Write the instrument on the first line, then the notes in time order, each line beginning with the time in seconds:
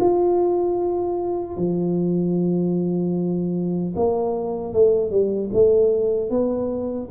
tuba
0.00 F4
1.57 F3
3.95 A#3
4.73 A3
5.11 G3
5.53 A3
6.30 B3